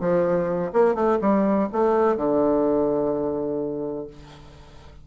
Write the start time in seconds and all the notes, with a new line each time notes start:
0.00 F3
0.73 A#3
0.94 A3
1.21 G3
1.72 A3
2.16 D3